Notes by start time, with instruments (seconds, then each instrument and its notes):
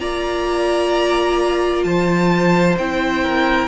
0.00 cello A#3, viola F4, violin D5 A#5
1.84 cello F3, violin C5 A5
2.78 cello C4, viola E4, violin G5
3.24 violin A#4